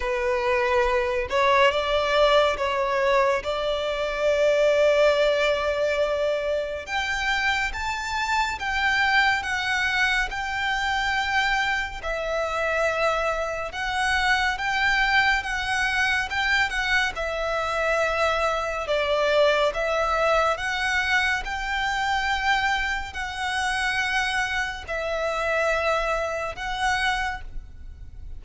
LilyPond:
\new Staff \with { instrumentName = "violin" } { \time 4/4 \tempo 4 = 70 b'4. cis''8 d''4 cis''4 | d''1 | g''4 a''4 g''4 fis''4 | g''2 e''2 |
fis''4 g''4 fis''4 g''8 fis''8 | e''2 d''4 e''4 | fis''4 g''2 fis''4~ | fis''4 e''2 fis''4 | }